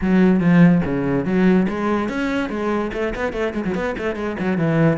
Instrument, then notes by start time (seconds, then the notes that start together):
cello
0.01 F#3
0.40 F3
0.84 C#3
1.25 F#3
1.68 G#3
2.08 C#4
2.49 G#3
2.93 A3
3.15 B3
3.32 A3
3.53 G#3
3.64 F#3
3.75 B3
3.98 A3
4.15 G#3
4.39 F#3
4.57 E3